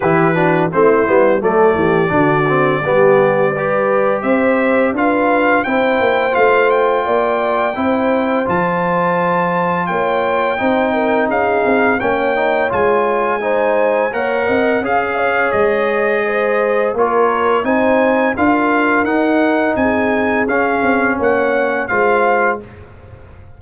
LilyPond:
<<
  \new Staff \with { instrumentName = "trumpet" } { \time 4/4 \tempo 4 = 85 b'4 c''4 d''2~ | d''2 e''4 f''4 | g''4 f''8 g''2~ g''8 | a''2 g''2 |
f''4 g''4 gis''2 | fis''4 f''4 dis''2 | cis''4 gis''4 f''4 fis''4 | gis''4 f''4 fis''4 f''4 | }
  \new Staff \with { instrumentName = "horn" } { \time 4/4 g'8 fis'8 e'4 a'8 g'8 fis'4 | g'4 b'4 c''4 b'4 | c''2 d''4 c''4~ | c''2 cis''4 c''8 ais'8 |
gis'4 cis''2 c''4 | cis''8 dis''8 f''8 cis''4. c''4 | ais'4 c''4 ais'2 | gis'2 cis''4 c''4 | }
  \new Staff \with { instrumentName = "trombone" } { \time 4/4 e'8 d'8 c'8 b8 a4 d'8 c'8 | b4 g'2 f'4 | e'4 f'2 e'4 | f'2. dis'4~ |
dis'4 cis'8 dis'8 f'4 dis'4 | ais'4 gis'2. | f'4 dis'4 f'4 dis'4~ | dis'4 cis'2 f'4 | }
  \new Staff \with { instrumentName = "tuba" } { \time 4/4 e4 a8 g8 fis8 e8 d4 | g2 c'4 d'4 | c'8 ais8 a4 ais4 c'4 | f2 ais4 c'4 |
cis'8 c'8 ais4 gis2 | ais8 c'8 cis'4 gis2 | ais4 c'4 d'4 dis'4 | c'4 cis'8 c'8 ais4 gis4 | }
>>